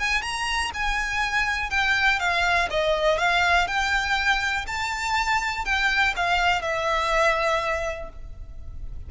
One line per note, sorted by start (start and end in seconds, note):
0.00 0.22 G#5
0.22 0.71 A#5
0.74 1.70 G#5
1.70 2.20 G5
2.20 2.69 F5
2.70 3.19 D#5
3.19 3.68 F5
3.68 4.66 G5
4.67 5.66 A5
5.66 6.15 G5
6.17 6.62 F5
6.62 8.10 E5